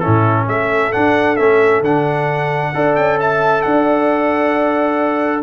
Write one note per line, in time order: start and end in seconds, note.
0.00 0.92 C#4
0.00 0.46 E4
0.00 0.45 A4
0.06 0.48 A2
0.48 0.93 A3
0.48 2.75 A4
0.48 0.92 E5
0.92 1.38 D4
0.92 1.39 D4
0.92 1.36 F#5
1.36 1.81 A3
1.36 1.84 C#4
1.36 1.81 E5
1.81 2.71 D3
1.81 2.74 D4
1.81 2.95 F#5
2.74 2.97 D4
2.74 5.43 A4
2.74 3.20 D5
2.95 3.64 C#4
2.95 3.18 G5
3.20 3.65 E5
3.20 3.62 A5
3.62 5.43 D4
3.62 5.43 D5
3.62 5.42 F#5